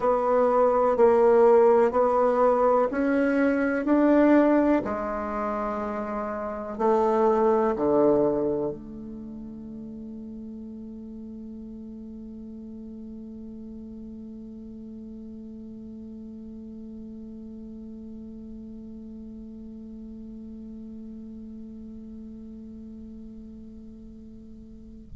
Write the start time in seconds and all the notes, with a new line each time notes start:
0.00 B3
0.96 A#3
1.91 B3
2.91 C#4
3.85 D4
4.84 G#3
6.77 A3
7.76 D3
8.71 A3